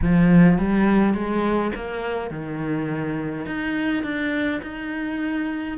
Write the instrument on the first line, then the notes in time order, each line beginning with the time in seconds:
cello
0.02 F3
0.58 G3
1.14 G#3
1.75 A#3
2.30 D#3
3.46 D#4
4.03 D4
4.62 D#4